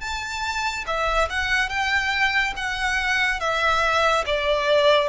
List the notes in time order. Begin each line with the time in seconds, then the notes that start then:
0.00 A5
0.86 E5
1.29 F#5
1.69 G5
2.56 F#5
3.40 E5
4.26 D5